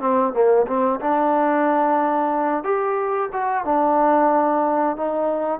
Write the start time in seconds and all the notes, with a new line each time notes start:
0.00 C4
0.33 A#3
0.67 C4
1.00 D4
2.63 G4
3.32 F#4
3.64 D4
4.96 D#4